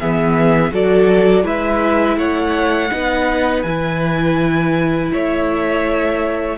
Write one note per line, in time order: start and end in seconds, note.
0.00 0.71 E3
0.00 0.71 B3
0.00 0.73 G#4
0.00 0.73 E5
0.71 1.44 F#3
0.71 1.43 F#4
0.71 1.45 A4
0.71 1.47 D5
1.43 2.17 G#3
1.43 2.90 E4
1.43 2.18 B4
1.43 2.18 E5
2.17 2.90 A3
2.17 2.91 C#5
2.17 3.63 F#5
2.91 3.64 B3
2.91 3.64 D#4
2.91 5.13 B4
3.63 5.10 E3
3.63 6.58 E4
3.63 5.09 G#5
5.13 6.58 A3
5.13 6.58 C#5
5.13 6.58 E5